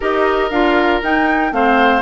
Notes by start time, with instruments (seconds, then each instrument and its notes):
0.00 bassoon D#4, clarinet G4, oboe A#4, flute D#5
0.50 bassoon D4, clarinet F4, flute F5
1.02 bassoon D#4, clarinet D#4, flute G5
1.51 bassoon A3, clarinet C4, oboe C5, flute F5